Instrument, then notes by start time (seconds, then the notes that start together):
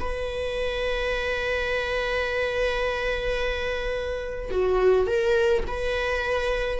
viola
0.00 B4
4.51 F#4
5.07 A#4
5.67 B4